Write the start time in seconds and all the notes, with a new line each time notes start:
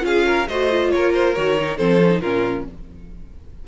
0.00 C#4 F4 G#4 F5
0.26 A#4
0.48 A3 F#4 C5 D#5
0.70 F4
0.91 A#3 A#4 C#5
1.13 C5
1.34 D#3 F#4 C#5
1.59 D#4
1.77 F3 C4 A4 C5
2.02 C#4
2.11 D#4
2.20 A#2 C#4 F4 A#4